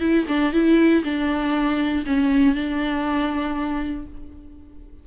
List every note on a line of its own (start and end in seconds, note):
0.00 0.25 E4
0.28 0.53 D4
0.53 1.03 E4
1.04 2.04 D4
2.06 2.54 C#4
2.54 4.06 D4